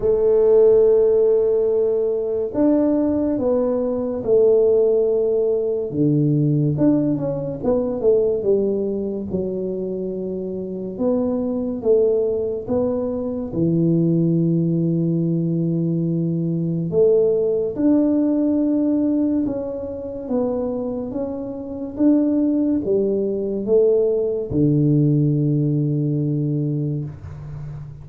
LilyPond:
\new Staff \with { instrumentName = "tuba" } { \time 4/4 \tempo 4 = 71 a2. d'4 | b4 a2 d4 | d'8 cis'8 b8 a8 g4 fis4~ | fis4 b4 a4 b4 |
e1 | a4 d'2 cis'4 | b4 cis'4 d'4 g4 | a4 d2. | }